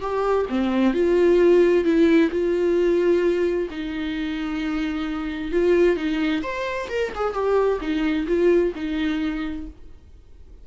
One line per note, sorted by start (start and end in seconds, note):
0.00 0.46 G4
0.49 0.93 C4
0.93 1.84 F4
1.84 2.30 E4
2.30 3.68 F4
3.70 5.51 D#4
5.51 5.96 F4
5.96 6.42 D#4
6.42 6.88 C5
6.89 7.12 A#4
7.15 7.33 G#4
7.33 7.79 G4
7.80 8.26 D#4
8.27 8.73 F4
8.75 9.66 D#4